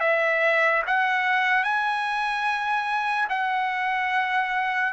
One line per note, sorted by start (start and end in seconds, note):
0.00 0.82 E5
0.87 1.63 F#5
1.63 3.28 G#5
3.29 4.93 F#5